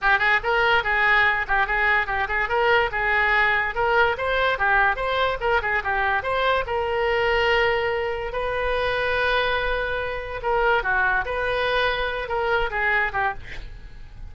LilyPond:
\new Staff \with { instrumentName = "oboe" } { \time 4/4 \tempo 4 = 144 g'8 gis'8 ais'4 gis'4. g'8 | gis'4 g'8 gis'8 ais'4 gis'4~ | gis'4 ais'4 c''4 g'4 | c''4 ais'8 gis'8 g'4 c''4 |
ais'1 | b'1~ | b'4 ais'4 fis'4 b'4~ | b'4. ais'4 gis'4 g'8 | }